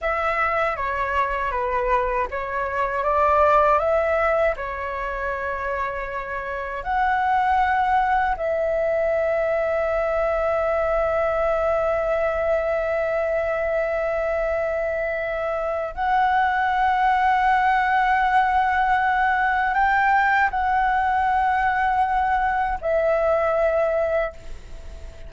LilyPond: \new Staff \with { instrumentName = "flute" } { \time 4/4 \tempo 4 = 79 e''4 cis''4 b'4 cis''4 | d''4 e''4 cis''2~ | cis''4 fis''2 e''4~ | e''1~ |
e''1~ | e''4 fis''2.~ | fis''2 g''4 fis''4~ | fis''2 e''2 | }